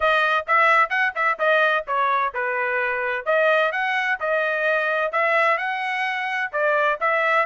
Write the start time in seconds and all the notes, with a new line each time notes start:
0.00 D#5
0.47 E5
0.89 F#5
1.15 E5
1.38 D#5
1.87 C#5
2.34 B4
3.25 D#5
3.72 F#5
4.20 D#5
5.12 E5
5.57 F#5
6.52 D5
7.00 E5